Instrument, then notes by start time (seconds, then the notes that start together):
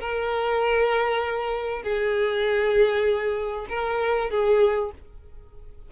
violin
0.00 A#4
1.83 G#4
3.69 A#4
4.30 G#4